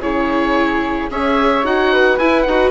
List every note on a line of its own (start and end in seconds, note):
0.00 1.09 C#3
0.00 1.11 E4
0.00 1.10 G#4
0.00 1.11 C#5
1.10 1.64 C#4
1.10 1.64 G#4
1.10 1.93 C#5
1.10 1.66 E5
1.64 2.19 D#4
1.64 2.19 F#4
1.64 2.19 F#5
1.93 2.71 B4
2.19 2.46 E4
2.19 2.48 E4
2.19 2.42 G#5
2.42 2.71 D#4
2.42 2.70 F#5
2.49 2.71 F#4